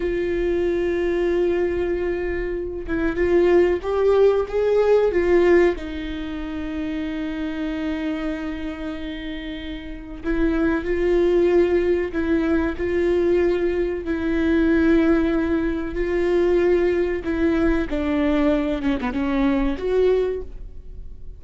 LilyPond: \new Staff \with { instrumentName = "viola" } { \time 4/4 \tempo 4 = 94 f'1~ | f'8 e'8 f'4 g'4 gis'4 | f'4 dis'2.~ | dis'1 |
e'4 f'2 e'4 | f'2 e'2~ | e'4 f'2 e'4 | d'4. cis'16 b16 cis'4 fis'4 | }